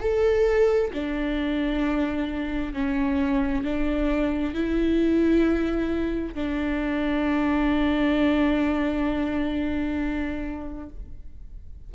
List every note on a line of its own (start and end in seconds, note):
0.00 0.91 A4
0.93 2.74 D4
2.74 3.64 C#4
3.64 4.55 D4
4.55 6.35 E4
6.35 10.89 D4